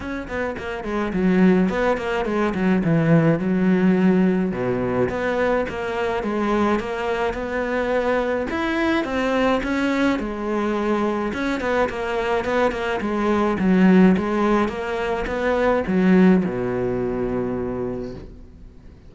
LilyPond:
\new Staff \with { instrumentName = "cello" } { \time 4/4 \tempo 4 = 106 cis'8 b8 ais8 gis8 fis4 b8 ais8 | gis8 fis8 e4 fis2 | b,4 b4 ais4 gis4 | ais4 b2 e'4 |
c'4 cis'4 gis2 | cis'8 b8 ais4 b8 ais8 gis4 | fis4 gis4 ais4 b4 | fis4 b,2. | }